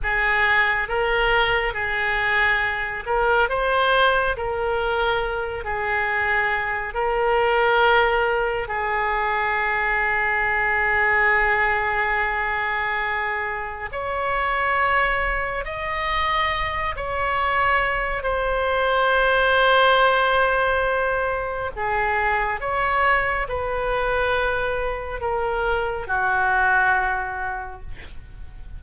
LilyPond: \new Staff \with { instrumentName = "oboe" } { \time 4/4 \tempo 4 = 69 gis'4 ais'4 gis'4. ais'8 | c''4 ais'4. gis'4. | ais'2 gis'2~ | gis'1 |
cis''2 dis''4. cis''8~ | cis''4 c''2.~ | c''4 gis'4 cis''4 b'4~ | b'4 ais'4 fis'2 | }